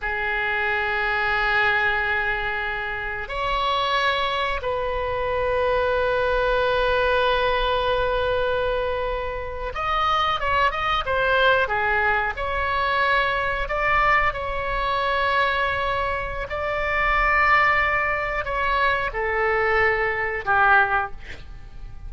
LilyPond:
\new Staff \with { instrumentName = "oboe" } { \time 4/4 \tempo 4 = 91 gis'1~ | gis'4 cis''2 b'4~ | b'1~ | b'2~ b'8. dis''4 cis''16~ |
cis''16 dis''8 c''4 gis'4 cis''4~ cis''16~ | cis''8. d''4 cis''2~ cis''16~ | cis''4 d''2. | cis''4 a'2 g'4 | }